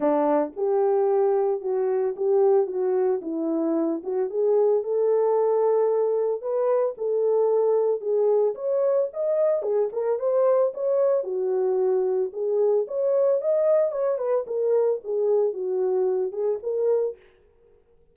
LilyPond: \new Staff \with { instrumentName = "horn" } { \time 4/4 \tempo 4 = 112 d'4 g'2 fis'4 | g'4 fis'4 e'4. fis'8 | gis'4 a'2. | b'4 a'2 gis'4 |
cis''4 dis''4 gis'8 ais'8 c''4 | cis''4 fis'2 gis'4 | cis''4 dis''4 cis''8 b'8 ais'4 | gis'4 fis'4. gis'8 ais'4 | }